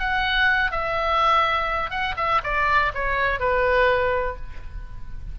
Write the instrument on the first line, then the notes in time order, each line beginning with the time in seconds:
oboe
0.00 F#5
0.71 E5
1.91 F#5
2.17 E5
2.44 D5
2.95 C#5
3.40 B4